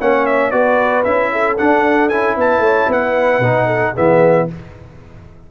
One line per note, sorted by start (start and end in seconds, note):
0.00 0.52 A#3
0.00 0.52 C#4
0.00 0.52 C#5
0.00 0.26 F#5
0.26 0.51 E5
0.51 1.04 B3
0.51 1.04 F#4
0.51 1.31 B4
0.51 1.03 D5
1.04 1.58 C#4
1.04 1.57 E4
1.04 1.56 E5
1.32 2.37 A4
1.58 2.10 D4
1.58 2.11 D4
1.58 2.09 F#5
2.09 2.36 C#4
2.09 3.42 E4
2.09 2.35 G#5
2.36 2.58 B3
2.36 2.62 B4
2.36 2.92 A5
2.58 2.85 A3
2.58 2.88 C#5
2.87 3.39 B3
2.87 3.66 B4
2.87 3.96 F#5
3.39 3.92 B2
3.39 3.95 D#4
3.66 3.92 A4
3.93 4.51 E3
3.93 4.48 B3
3.93 4.46 G#4
3.93 4.49 E5